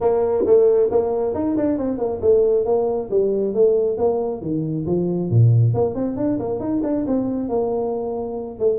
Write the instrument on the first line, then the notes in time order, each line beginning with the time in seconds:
tuba
0.00 A#3
0.46 A3
0.90 A#3
1.34 D#4
1.57 D4
1.78 C4
1.98 A#3
2.21 A3
2.65 A#3
3.10 G3
3.54 A3
3.97 A#3
4.41 D#3
4.86 F3
5.30 A#2
5.74 A#3
5.95 C4
6.16 D4
6.39 A#3
6.59 D#4
6.83 D4
7.06 C4
7.48 A#3
8.59 A3